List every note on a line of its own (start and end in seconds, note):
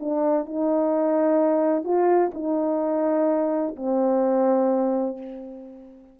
0.00 0.46 D4
0.46 1.84 D#4
1.84 2.31 F4
2.34 3.76 D#4
3.76 5.18 C4